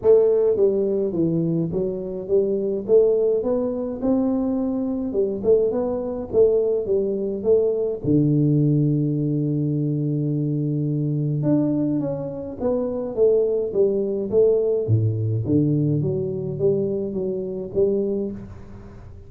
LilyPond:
\new Staff \with { instrumentName = "tuba" } { \time 4/4 \tempo 4 = 105 a4 g4 e4 fis4 | g4 a4 b4 c'4~ | c'4 g8 a8 b4 a4 | g4 a4 d2~ |
d1 | d'4 cis'4 b4 a4 | g4 a4 a,4 d4 | fis4 g4 fis4 g4 | }